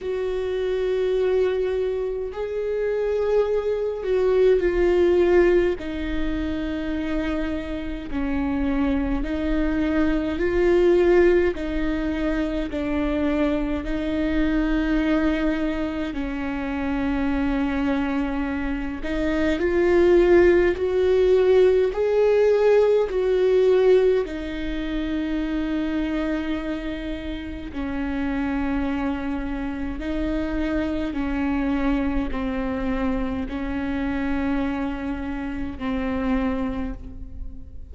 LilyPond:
\new Staff \with { instrumentName = "viola" } { \time 4/4 \tempo 4 = 52 fis'2 gis'4. fis'8 | f'4 dis'2 cis'4 | dis'4 f'4 dis'4 d'4 | dis'2 cis'2~ |
cis'8 dis'8 f'4 fis'4 gis'4 | fis'4 dis'2. | cis'2 dis'4 cis'4 | c'4 cis'2 c'4 | }